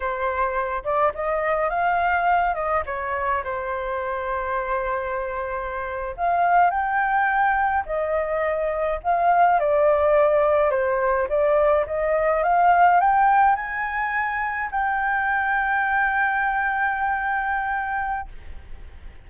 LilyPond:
\new Staff \with { instrumentName = "flute" } { \time 4/4 \tempo 4 = 105 c''4. d''8 dis''4 f''4~ | f''8 dis''8 cis''4 c''2~ | c''2~ c''8. f''4 g''16~ | g''4.~ g''16 dis''2 f''16~ |
f''8. d''2 c''4 d''16~ | d''8. dis''4 f''4 g''4 gis''16~ | gis''4.~ gis''16 g''2~ g''16~ | g''1 | }